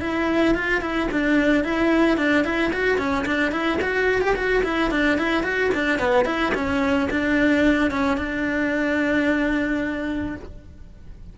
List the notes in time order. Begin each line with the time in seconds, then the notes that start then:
0.00 E4
0.55 F4
0.81 E4
1.11 D4
1.64 E4
2.17 D4
2.44 E4
2.72 F#4
2.98 C#4
3.25 D4
3.51 E4
3.81 F#4
4.21 G4
4.35 F#4
4.63 E4
4.91 D4
5.18 E4
5.43 F#4
5.74 D4
5.99 B3
6.25 E4
6.54 C#4
7.10 D4
7.91 C#4
8.17 D4